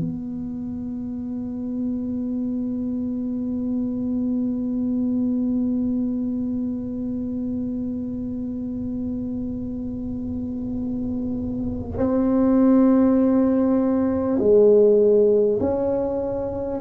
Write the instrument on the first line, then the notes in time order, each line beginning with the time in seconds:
tuba
0.00 B3
11.98 C4
14.38 G#3
15.61 C#4